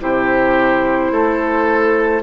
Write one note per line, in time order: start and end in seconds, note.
0.00 1.11 C3
0.00 2.22 E4
0.00 1.12 G4
0.00 2.23 C5
1.11 2.22 A3
1.11 2.23 A4